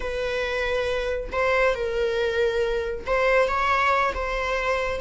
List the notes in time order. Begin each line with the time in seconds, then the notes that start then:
0.00 B4
1.32 C5
1.75 A#4
3.06 C5
3.47 C#5
4.14 C5